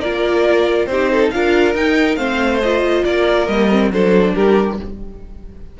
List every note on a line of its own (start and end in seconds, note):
0.00 0.87 A#3
0.00 0.90 F4
0.00 0.88 A#4
0.00 0.86 D5
0.86 1.30 C4
0.86 1.34 D#4
0.86 1.12 G4
0.86 1.29 C5
1.12 1.34 A4
1.31 1.75 D4
1.31 1.75 F4
1.31 2.19 A#4
1.31 1.74 F5
1.75 2.17 D#4
1.75 2.18 D#4
1.75 2.16 G5
2.16 3.03 A3
2.16 2.61 C4
2.16 3.05 C5
2.16 2.59 F5
2.62 3.50 F4
2.62 3.04 D#5
3.04 3.48 A#3
3.04 3.92 A#4
3.04 3.47 D5
3.47 3.91 G3
3.47 3.71 A#3
3.47 3.90 D#5
3.71 3.92 C4
3.91 4.34 F#3
3.91 4.79 D4
3.91 4.35 A4
3.91 4.35 C5
4.35 4.80 G3
4.35 4.78 G4
4.35 4.78 A#4